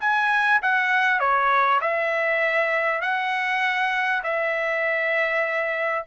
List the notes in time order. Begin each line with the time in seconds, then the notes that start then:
0.00 G#5
0.62 F#5
1.20 C#5
1.81 E5
3.01 F#5
4.23 E5